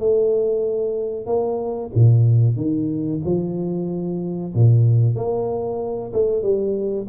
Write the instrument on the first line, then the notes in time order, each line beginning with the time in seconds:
tuba
0.00 A3
1.27 A#3
1.95 A#2
2.57 D#3
3.25 F3
4.55 A#2
5.16 A#3
6.13 A3
6.43 G3